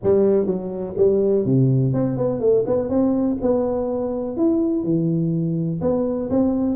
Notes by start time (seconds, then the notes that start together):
0.03 G3
0.46 F#3
0.97 G3
1.45 C3
1.93 C4
2.17 B3
2.40 A3
2.66 B3
2.89 C4
3.41 B3
4.36 E4
4.83 E3
5.81 B3
6.29 C4